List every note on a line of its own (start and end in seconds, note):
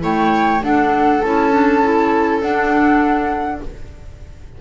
0.00 0.62 A3
0.00 0.59 E4
0.00 0.63 C#5
0.00 0.63 G5
0.62 1.22 D4
0.62 3.61 A4
0.62 1.21 F#5
1.21 2.42 C#4
1.21 1.51 E4
1.21 2.40 A5
1.51 1.81 D4
1.83 2.42 E4
2.42 3.61 D4
2.42 3.61 F#5